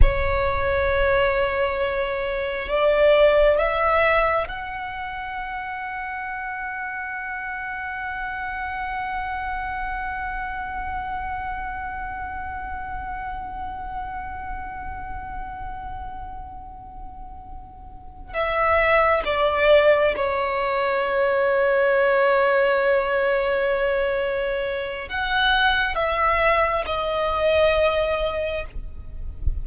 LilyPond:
\new Staff \with { instrumentName = "violin" } { \time 4/4 \tempo 4 = 67 cis''2. d''4 | e''4 fis''2.~ | fis''1~ | fis''1~ |
fis''1~ | fis''8 e''4 d''4 cis''4.~ | cis''1 | fis''4 e''4 dis''2 | }